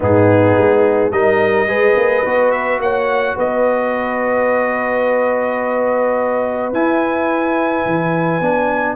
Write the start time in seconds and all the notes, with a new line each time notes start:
0.00 G#2 B3 D#4 G#4
0.57 G#3
1.11 G3 D#4 A#4 D#5
1.66 G#3 G#4 B4
1.96 A#3
2.25 B3 F#4
2.51 E5
2.79 A#3 C#5 F#5
3.36 B3 B4 D#5
6.72 E4 G#5
7.86 E3
8.40 B3 D4